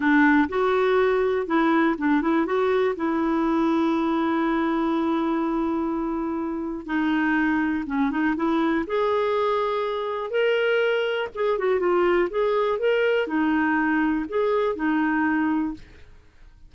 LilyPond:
\new Staff \with { instrumentName = "clarinet" } { \time 4/4 \tempo 4 = 122 d'4 fis'2 e'4 | d'8 e'8 fis'4 e'2~ | e'1~ | e'2 dis'2 |
cis'8 dis'8 e'4 gis'2~ | gis'4 ais'2 gis'8 fis'8 | f'4 gis'4 ais'4 dis'4~ | dis'4 gis'4 dis'2 | }